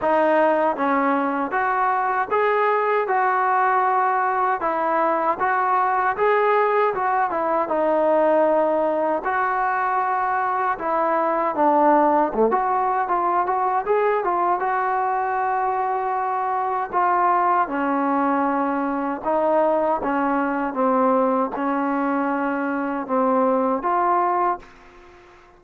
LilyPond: \new Staff \with { instrumentName = "trombone" } { \time 4/4 \tempo 4 = 78 dis'4 cis'4 fis'4 gis'4 | fis'2 e'4 fis'4 | gis'4 fis'8 e'8 dis'2 | fis'2 e'4 d'4 |
a16 fis'8. f'8 fis'8 gis'8 f'8 fis'4~ | fis'2 f'4 cis'4~ | cis'4 dis'4 cis'4 c'4 | cis'2 c'4 f'4 | }